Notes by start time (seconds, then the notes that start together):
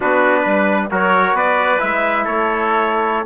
0.00 B3 D4 F#4 B4
0.42 G3 B4
0.90 F#3 F#4 A#4 C#5
1.33 B3 B4 D5
1.79 G#3 E4 E5
2.24 A3 A4 C#5